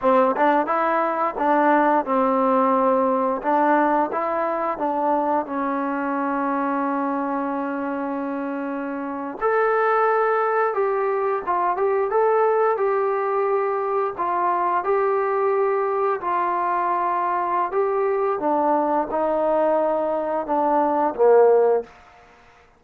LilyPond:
\new Staff \with { instrumentName = "trombone" } { \time 4/4 \tempo 4 = 88 c'8 d'8 e'4 d'4 c'4~ | c'4 d'4 e'4 d'4 | cis'1~ | cis'4.~ cis'16 a'2 g'16~ |
g'8. f'8 g'8 a'4 g'4~ g'16~ | g'8. f'4 g'2 f'16~ | f'2 g'4 d'4 | dis'2 d'4 ais4 | }